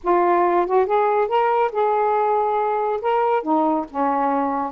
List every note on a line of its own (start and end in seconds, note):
0.03 0.66 F4
0.66 0.86 F#4
0.86 1.28 G#4
1.28 1.71 A#4
1.72 3.00 G#4
3.01 3.42 A#4
3.42 3.85 D#4
3.90 4.71 C#4